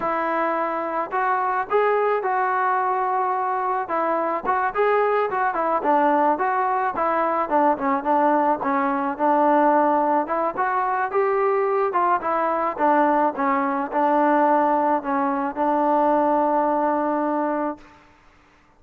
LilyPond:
\new Staff \with { instrumentName = "trombone" } { \time 4/4 \tempo 4 = 108 e'2 fis'4 gis'4 | fis'2. e'4 | fis'8 gis'4 fis'8 e'8 d'4 fis'8~ | fis'8 e'4 d'8 cis'8 d'4 cis'8~ |
cis'8 d'2 e'8 fis'4 | g'4. f'8 e'4 d'4 | cis'4 d'2 cis'4 | d'1 | }